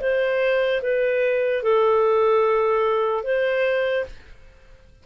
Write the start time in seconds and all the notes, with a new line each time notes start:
0.00 C5
0.82 B4
1.63 A4
3.24 C5